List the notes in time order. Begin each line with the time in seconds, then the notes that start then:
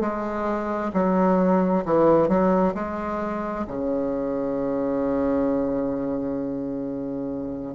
0.00 G#3
0.93 F#3
1.85 E3
2.28 F#3
2.74 G#3
3.67 C#3